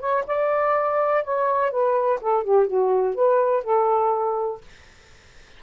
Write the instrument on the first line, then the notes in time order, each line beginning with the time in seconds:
saxophone
0.00 C#5
0.27 D5
1.24 C#5
1.71 B4
2.22 A4
2.44 G4
2.68 F#4
3.16 B4
3.64 A4